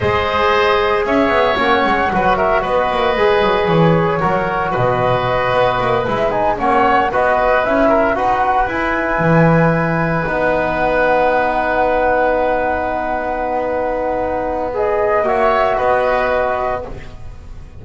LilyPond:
<<
  \new Staff \with { instrumentName = "flute" } { \time 4/4 \tempo 4 = 114 dis''2 e''4 fis''4~ | fis''8 e''8 dis''2 cis''4~ | cis''4 dis''2~ dis''8 e''8 | gis''8 fis''4 dis''4 e''4 fis''8~ |
fis''8 gis''2. fis''8~ | fis''1~ | fis''1 | dis''4 e''4 dis''2 | }
  \new Staff \with { instrumentName = "oboe" } { \time 4/4 c''2 cis''2 | b'8 ais'8 b'2. | ais'4 b'2.~ | b'8 cis''4 b'4. ais'8 b'8~ |
b'1~ | b'1~ | b'1~ | b'4 cis''4 b'2 | }
  \new Staff \with { instrumentName = "trombone" } { \time 4/4 gis'2. cis'4 | fis'2 gis'2 | fis'2.~ fis'8 e'8 | dis'8 cis'4 fis'4 e'4 fis'8~ |
fis'8 e'2. dis'8~ | dis'1~ | dis'1 | gis'4 fis'2. | }
  \new Staff \with { instrumentName = "double bass" } { \time 4/4 gis2 cis'8 b8 ais8 gis8 | fis4 b8 ais8 gis8 fis8 e4 | fis4 b,4. b8 ais8 gis8~ | gis8 ais4 b4 cis'4 dis'8~ |
dis'8 e'4 e2 b8~ | b1~ | b1~ | b4 ais4 b2 | }
>>